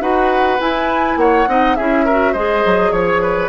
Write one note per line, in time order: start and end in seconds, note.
0.00 0.59 D#4
0.00 0.58 F#4
0.00 1.18 B4
0.00 0.60 F#5
0.59 1.47 E4
0.59 1.16 E4
0.59 1.18 G#5
1.16 1.45 A#3
1.16 1.49 C#5
1.16 1.75 F#5
1.47 1.76 C4
1.47 1.77 D#4
1.47 1.77 D#5
1.75 2.34 C#4
1.75 2.08 E4
1.75 2.05 G#4
1.75 2.33 E5
2.05 2.35 F#4
2.05 2.32 A#4
2.32 2.63 G#3
2.32 3.48 G#4
2.32 2.91 C5
2.32 2.91 D#5
2.65 2.91 F#3
2.91 3.48 F3
2.91 3.48 C#5
2.91 3.21 C#5
3.21 3.48 B4